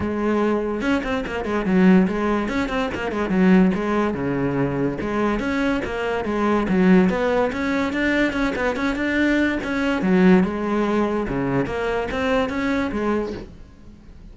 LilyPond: \new Staff \with { instrumentName = "cello" } { \time 4/4 \tempo 4 = 144 gis2 cis'8 c'8 ais8 gis8 | fis4 gis4 cis'8 c'8 ais8 gis8 | fis4 gis4 cis2 | gis4 cis'4 ais4 gis4 |
fis4 b4 cis'4 d'4 | cis'8 b8 cis'8 d'4. cis'4 | fis4 gis2 cis4 | ais4 c'4 cis'4 gis4 | }